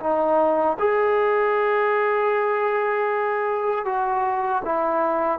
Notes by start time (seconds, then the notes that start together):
0.00 D#4
0.79 G#4
3.85 F#4
4.65 E4